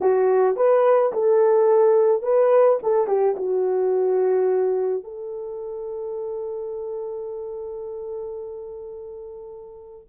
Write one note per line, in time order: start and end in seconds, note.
0.00 0.56 F#4
0.56 1.12 B4
1.12 2.22 A4
2.22 2.78 B4
2.82 3.07 A4
3.07 3.35 G4
3.36 5.03 F#4
5.03 10.08 A4